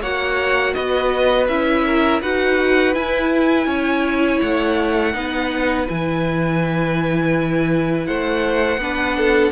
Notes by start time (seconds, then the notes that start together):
0.00 A#3 F#4 C#5 F#5
0.73 B3 B4 D#5
1.47 C#4 E4 E5
1.85 A#4
2.21 D#4 F#4 B4 F#5
2.94 E4 G#5
3.66 C#4 C#5
4.41 A3 F#5
5.13 B3 D#4 B4
5.87 E3 E4 G#5
8.06 A3 C5 F#5
8.77 B3 D4 B4
9.17 A4